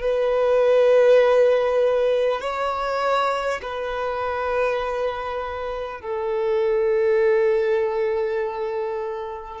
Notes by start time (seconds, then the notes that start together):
0.00 B4
2.40 C#5
3.62 B4
6.00 A4